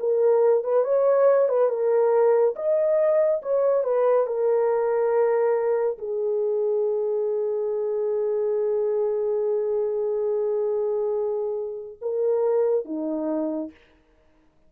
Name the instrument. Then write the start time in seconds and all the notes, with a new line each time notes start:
horn
0.00 A#4
0.64 B4
0.85 C#5
1.49 B4
1.69 A#4
2.56 D#5
3.42 C#5
3.84 B4
4.27 A#4
5.98 G#4
12.02 A#4
12.85 D#4